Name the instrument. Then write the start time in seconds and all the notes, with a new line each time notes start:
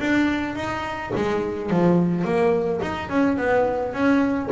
double bass
0.00 D4
0.56 D#4
1.15 G#3
1.70 F3
2.25 A#3
2.82 D#4
3.10 C#4
3.38 B3
3.94 C#4